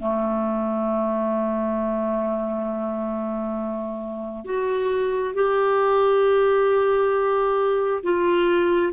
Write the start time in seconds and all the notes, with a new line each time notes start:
0.00 A3
4.45 F#4
5.34 G4
8.04 F4